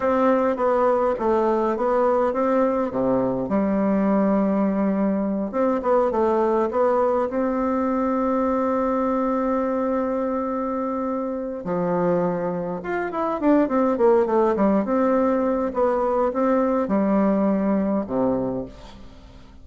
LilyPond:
\new Staff \with { instrumentName = "bassoon" } { \time 4/4 \tempo 4 = 103 c'4 b4 a4 b4 | c'4 c4 g2~ | g4. c'8 b8 a4 b8~ | b8 c'2.~ c'8~ |
c'1 | f2 f'8 e'8 d'8 c'8 | ais8 a8 g8 c'4. b4 | c'4 g2 c4 | }